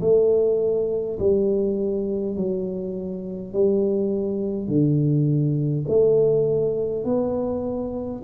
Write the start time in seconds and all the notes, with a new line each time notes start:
0.00 A3
1.19 G3
2.36 F#3
3.53 G3
4.67 D3
5.88 A3
7.04 B3